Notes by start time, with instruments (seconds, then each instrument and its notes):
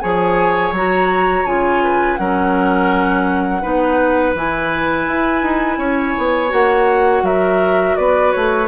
0.00 bassoon F3, clarinet G#4, oboe C#5, flute G#5
0.71 bassoon F#3, clarinet F#4, flute A#5
1.45 bassoon C#3, clarinet F4, flute G#5
1.83 oboe B4
2.16 bassoon F#3, clarinet C#4, oboe A#4, flute F#5
3.61 bassoon B3, clarinet D#4, oboe B4
4.34 bassoon E3, clarinet E4, flute G#5
5.07 bassoon E4
5.42 bassoon D#4
5.77 bassoon C#4, oboe C#5
6.17 bassoon B3
6.48 bassoon A#3, clarinet F#4, flute F#5
7.22 bassoon F#3, oboe A#4, flute E5
7.95 bassoon B3, oboe B4, flute D5
8.31 bassoon A3, flute C#5